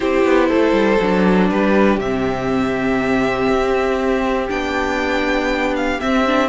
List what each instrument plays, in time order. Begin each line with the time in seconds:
0.00 cello C4, viola E4, violin G4 C5
0.25 cello B3
0.48 cello A3, violin A4
0.72 cello G3
1.01 cello F#3, viola D4
1.49 cello G3, violin G4 B4
1.97 cello C3, viola C4, violin E5
3.49 cello C4
4.49 cello B3, viola D4, violin G5
5.76 violin F5
6.00 viola C4, cello C4, violin E5
6.26 viola D4